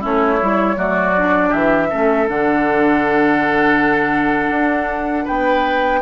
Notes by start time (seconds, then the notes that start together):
0.00 A3 C#4 E4 C#5
0.41 G3 E4
0.75 F#3 A3 F#4 D5
1.17 D4
1.50 E3 G4 E5
1.90 A3 C#4 A4
2.27 D3 D4 F#5
4.50 D4
5.25 B3 B4 G5